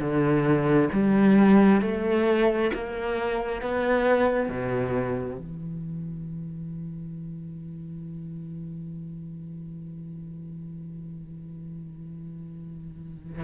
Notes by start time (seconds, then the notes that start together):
0.00 D3
0.93 G3
1.82 A3
2.74 A#3
3.62 B3
4.49 B2
5.38 E3